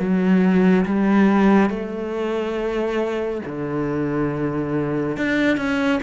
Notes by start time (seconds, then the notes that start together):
0.00 F#3
0.86 G3
1.70 A3
3.46 D3
5.17 D4
5.58 C#4